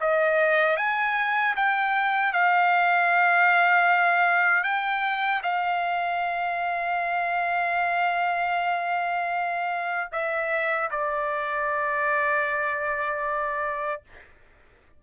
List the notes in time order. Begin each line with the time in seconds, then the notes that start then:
0.00 D#5
0.77 G#5
1.55 G5
2.32 F5
4.63 G5
5.42 F5
10.12 E5
10.90 D5